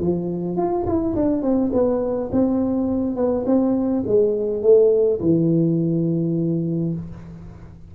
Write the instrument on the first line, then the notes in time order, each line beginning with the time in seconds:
tuba
0.00 F3
0.56 F4
0.86 E4
1.15 D4
1.42 C4
1.72 B3
2.32 C4
3.16 B3
3.46 C4
4.06 G#3
4.62 A3
5.20 E3